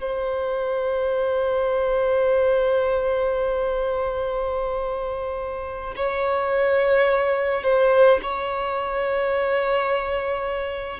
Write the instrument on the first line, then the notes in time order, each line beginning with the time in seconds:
violin
0.00 C5
5.96 C#5
7.63 C5
8.22 C#5